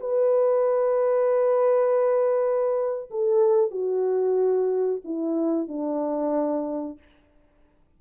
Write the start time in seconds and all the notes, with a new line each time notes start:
0.00 B4
3.10 A4
3.71 F#4
5.04 E4
5.68 D4